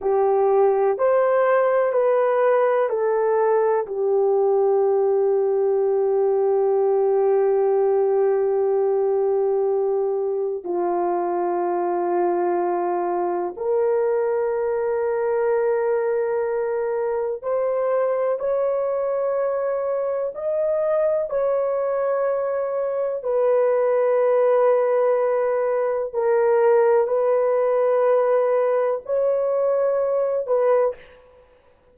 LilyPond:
\new Staff \with { instrumentName = "horn" } { \time 4/4 \tempo 4 = 62 g'4 c''4 b'4 a'4 | g'1~ | g'2. f'4~ | f'2 ais'2~ |
ais'2 c''4 cis''4~ | cis''4 dis''4 cis''2 | b'2. ais'4 | b'2 cis''4. b'8 | }